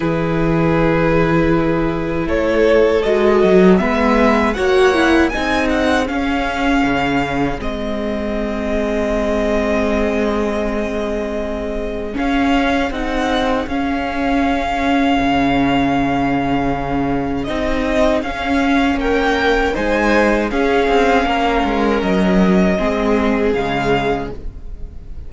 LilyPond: <<
  \new Staff \with { instrumentName = "violin" } { \time 4/4 \tempo 4 = 79 b'2. cis''4 | dis''4 e''4 fis''4 gis''8 fis''8 | f''2 dis''2~ | dis''1 |
f''4 fis''4 f''2~ | f''2. dis''4 | f''4 g''4 gis''4 f''4~ | f''4 dis''2 f''4 | }
  \new Staff \with { instrumentName = "violin" } { \time 4/4 gis'2. a'4~ | a'4 b'4 cis''4 gis'4~ | gis'1~ | gis'1~ |
gis'1~ | gis'1~ | gis'4 ais'4 c''4 gis'4 | ais'2 gis'2 | }
  \new Staff \with { instrumentName = "viola" } { \time 4/4 e'1 | fis'4 b4 fis'8 e'8 dis'4 | cis'2 c'2~ | c'1 |
cis'4 dis'4 cis'2~ | cis'2. dis'4 | cis'2 dis'4 cis'4~ | cis'2 c'4 gis4 | }
  \new Staff \with { instrumentName = "cello" } { \time 4/4 e2. a4 | gis8 fis8 gis4 ais4 c'4 | cis'4 cis4 gis2~ | gis1 |
cis'4 c'4 cis'2 | cis2. c'4 | cis'4 ais4 gis4 cis'8 c'8 | ais8 gis8 fis4 gis4 cis4 | }
>>